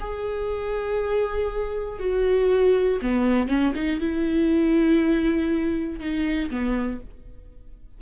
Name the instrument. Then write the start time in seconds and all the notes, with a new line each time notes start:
viola
0.00 G#4
2.00 F#4
3.02 B3
3.49 C#4
3.75 D#4
4.00 E4
6.00 D#4
6.51 B3